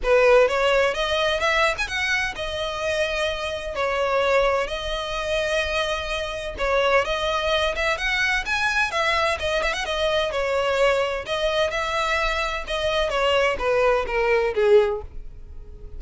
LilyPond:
\new Staff \with { instrumentName = "violin" } { \time 4/4 \tempo 4 = 128 b'4 cis''4 dis''4 e''8. gis''16 | fis''4 dis''2. | cis''2 dis''2~ | dis''2 cis''4 dis''4~ |
dis''8 e''8 fis''4 gis''4 e''4 | dis''8 e''16 fis''16 dis''4 cis''2 | dis''4 e''2 dis''4 | cis''4 b'4 ais'4 gis'4 | }